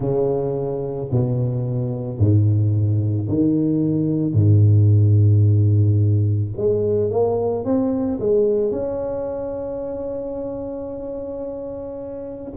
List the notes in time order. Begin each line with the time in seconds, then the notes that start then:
0.00 C#3
1.11 B2
2.18 G#2
3.28 D#3
4.33 G#2
6.57 G#3
7.10 A#3
7.64 C4
8.19 G#3
8.71 C#4